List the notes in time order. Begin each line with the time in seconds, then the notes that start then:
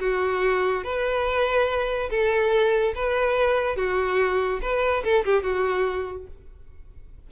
0.00 F#4
0.84 B4
2.10 A4
2.95 B4
3.76 F#4
4.62 B4
5.04 A4
5.25 G4
5.43 F#4